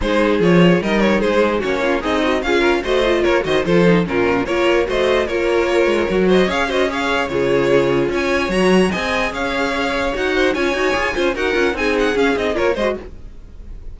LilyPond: <<
  \new Staff \with { instrumentName = "violin" } { \time 4/4 \tempo 4 = 148 c''4 cis''4 dis''8 cis''8 c''4 | cis''4 dis''4 f''4 dis''4 | cis''8 dis''8 c''4 ais'4 cis''4 | dis''4 cis''2~ cis''8 dis''8 |
f''8 dis''8 f''4 cis''2 | gis''4 ais''4 gis''4 f''4~ | f''4 fis''4 gis''2 | fis''4 gis''8 fis''8 f''8 dis''8 cis''8 dis''8 | }
  \new Staff \with { instrumentName = "violin" } { \time 4/4 gis'2 ais'4 gis'4 | fis'8 f'8 dis'4 gis'8 ais'8 c''4 | ais'8 c''8 a'4 f'4 ais'4 | c''4 ais'2~ ais'8 c''8 |
cis''8 c''8 cis''4 gis'2 | cis''2 dis''4 cis''4~ | cis''4. c''8 cis''4. c''8 | ais'4 gis'2 ais'8 c''8 | }
  \new Staff \with { instrumentName = "viola" } { \time 4/4 dis'4 f'4 dis'2 | cis'4 gis'8 fis'8 f'4 fis'8 f'8~ | f'8 fis'8 f'8 dis'8 cis'4 f'4 | fis'4 f'2 fis'4 |
gis'8 fis'8 gis'4 f'2~ | f'4 fis'4 gis'2~ | gis'4 fis'4 f'8 fis'8 gis'8 f'8 | fis'8 f'8 dis'4 cis'8 dis'8 f'8 fis'8 | }
  \new Staff \with { instrumentName = "cello" } { \time 4/4 gis4 f4 g4 gis4 | ais4 c'4 cis'4 a4 | ais8 dis8 f4 ais,4 ais4 | a4 ais4. gis8 fis4 |
cis'2 cis2 | cis'4 fis4 c'4 cis'4~ | cis'4 dis'4 cis'8 dis'8 f'8 cis'8 | dis'8 cis'8 c'4 cis'8 c'8 ais8 gis8 | }
>>